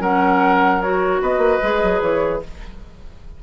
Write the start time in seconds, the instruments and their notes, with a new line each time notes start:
0.00 bassoon F#3, clarinet C#4, oboe A#4, flute F#5
0.82 clarinet F#4, flute C#5
1.21 bassoon B3, oboe B4, flute D#5
1.37 bassoon A#3
1.62 bassoon G#3, clarinet G#4
1.83 bassoon F#3
2.01 bassoon E3, flute C#5